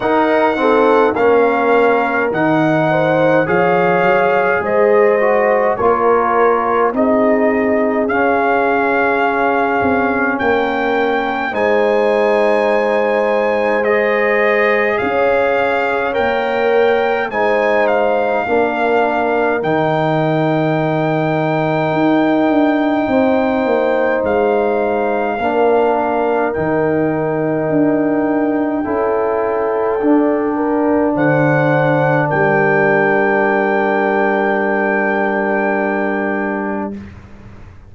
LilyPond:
<<
  \new Staff \with { instrumentName = "trumpet" } { \time 4/4 \tempo 4 = 52 fis''4 f''4 fis''4 f''4 | dis''4 cis''4 dis''4 f''4~ | f''4 g''4 gis''2 | dis''4 f''4 g''4 gis''8 f''8~ |
f''4 g''2.~ | g''4 f''2 g''4~ | g''2. fis''4 | g''1 | }
  \new Staff \with { instrumentName = "horn" } { \time 4/4 ais'8 a'8 ais'4. c''8 cis''4 | c''4 ais'4 gis'2~ | gis'4 ais'4 c''2~ | c''4 cis''2 c''4 |
ais'1 | c''2 ais'2~ | ais'4 a'4. ais'8 c''4 | ais'1 | }
  \new Staff \with { instrumentName = "trombone" } { \time 4/4 dis'8 c'8 cis'4 dis'4 gis'4~ | gis'8 fis'8 f'4 dis'4 cis'4~ | cis'2 dis'2 | gis'2 ais'4 dis'4 |
d'4 dis'2.~ | dis'2 d'4 dis'4~ | dis'4 e'4 d'2~ | d'1 | }
  \new Staff \with { instrumentName = "tuba" } { \time 4/4 dis'4 ais4 dis4 f8 fis8 | gis4 ais4 c'4 cis'4~ | cis'8 c'8 ais4 gis2~ | gis4 cis'4 ais4 gis4 |
ais4 dis2 dis'8 d'8 | c'8 ais8 gis4 ais4 dis4 | d'4 cis'4 d'4 d4 | g1 | }
>>